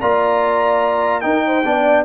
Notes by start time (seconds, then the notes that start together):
0.00 A#3 F4 D5 A#5
1.20 D#4 A#4 G5
1.46 C5
1.64 B3 D4 D5